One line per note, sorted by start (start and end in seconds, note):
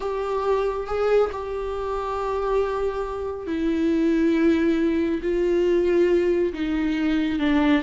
0.00 0.87 G4
0.87 1.30 G#4
1.32 3.46 G4
3.46 5.20 E4
5.22 6.52 F4
6.53 7.39 D#4
7.39 7.82 D4